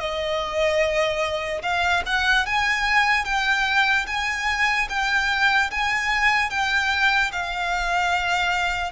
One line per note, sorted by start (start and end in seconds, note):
0.00 1.62 D#5
1.63 2.03 F5
2.06 2.46 F#5
2.46 3.25 G#5
3.25 4.06 G5
4.07 4.88 G#5
4.89 5.71 G5
5.71 6.50 G#5
6.50 7.31 G5
7.32 8.92 F5